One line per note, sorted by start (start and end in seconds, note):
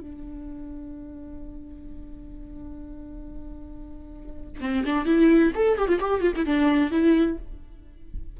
0.00 4.61 D4
4.61 4.84 C4
4.85 5.05 D4
5.05 5.52 E4
5.55 5.78 A4
5.78 5.88 G4
5.88 6.00 F4
6.00 6.21 G4
6.21 6.33 F4
6.35 6.46 E4
6.46 6.91 D4
6.91 7.37 E4